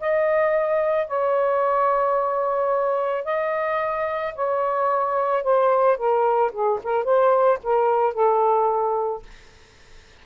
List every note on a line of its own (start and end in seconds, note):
0.00 1.08 D#5
1.08 3.25 C#5
3.25 4.34 D#5
4.35 5.43 C#5
5.43 5.97 C5
5.97 6.52 A#4
6.52 6.79 G#4
6.83 7.04 A#4
7.04 7.58 C5
7.63 8.13 A#4
8.13 9.23 A4